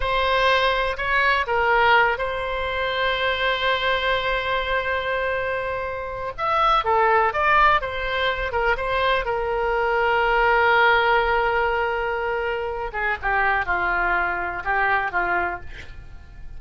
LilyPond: \new Staff \with { instrumentName = "oboe" } { \time 4/4 \tempo 4 = 123 c''2 cis''4 ais'4~ | ais'8 c''2.~ c''8~ | c''1~ | c''4 e''4 a'4 d''4 |
c''4. ais'8 c''4 ais'4~ | ais'1~ | ais'2~ ais'8 gis'8 g'4 | f'2 g'4 f'4 | }